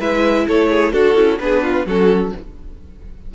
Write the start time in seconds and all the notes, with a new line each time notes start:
0.00 G#3 E4 B4 E5
0.48 A3 A4 C#5
0.70 G#4
0.92 D4 F#4 A4
1.15 C#4 E4
1.40 B3 D4 G#4 B4
1.63 F4
1.86 F#3 C#4 F#4 A4